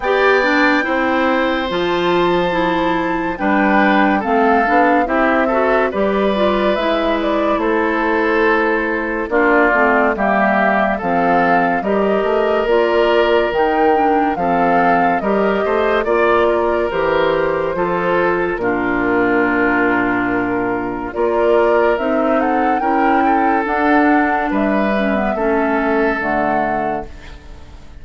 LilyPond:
<<
  \new Staff \with { instrumentName = "flute" } { \time 4/4 \tempo 4 = 71 g''2 a''2 | g''4 f''4 e''4 d''4 | e''8 d''8 c''2 d''4 | e''4 f''4 dis''4 d''4 |
g''4 f''4 dis''4 d''4 | c''2 ais'2~ | ais'4 d''4 e''8 fis''8 g''4 | fis''4 e''2 fis''4 | }
  \new Staff \with { instrumentName = "oboe" } { \time 4/4 d''4 c''2. | b'4 a'4 g'8 a'8 b'4~ | b'4 a'2 f'4 | g'4 a'4 ais'2~ |
ais'4 a'4 ais'8 c''8 d''8 ais'8~ | ais'4 a'4 f'2~ | f'4 ais'4. a'8 ais'8 a'8~ | a'4 b'4 a'2 | }
  \new Staff \with { instrumentName = "clarinet" } { \time 4/4 g'8 d'8 e'4 f'4 e'4 | d'4 c'8 d'8 e'8 fis'8 g'8 f'8 | e'2. d'8 c'8 | ais4 c'4 g'4 f'4 |
dis'8 d'8 c'4 g'4 f'4 | g'4 f'4 d'2~ | d'4 f'4 dis'4 e'4 | d'4. cis'16 b16 cis'4 a4 | }
  \new Staff \with { instrumentName = "bassoon" } { \time 4/4 b4 c'4 f2 | g4 a8 b8 c'4 g4 | gis4 a2 ais8 a8 | g4 f4 g8 a8 ais4 |
dis4 f4 g8 a8 ais4 | e4 f4 ais,2~ | ais,4 ais4 c'4 cis'4 | d'4 g4 a4 d4 | }
>>